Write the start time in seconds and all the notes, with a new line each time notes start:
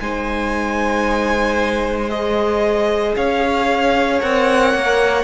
0.00 G#3 D#4 C5 G#5
2.10 G#4 D#5
3.16 C#4 C#5 F5
4.20 C4 A#4 F#5
4.74 A#3